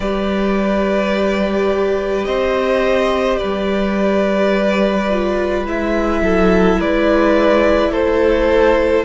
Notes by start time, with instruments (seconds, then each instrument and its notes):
0.00 cello G3, viola G4, violin B4 D5
2.24 cello C4, violin C5 D#5
3.37 cello G3, violin B4 D5
5.10 viola F4
5.66 cello G#3, viola E4, violin E5
6.21 cello F#3, violin A4
6.79 cello G#3, violin B4 D5
7.90 cello A3, violin A4 C5